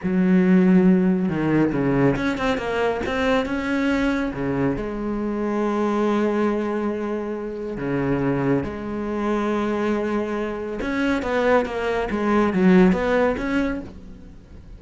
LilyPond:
\new Staff \with { instrumentName = "cello" } { \time 4/4 \tempo 4 = 139 fis2. dis4 | cis4 cis'8 c'8 ais4 c'4 | cis'2 cis4 gis4~ | gis1~ |
gis2 cis2 | gis1~ | gis4 cis'4 b4 ais4 | gis4 fis4 b4 cis'4 | }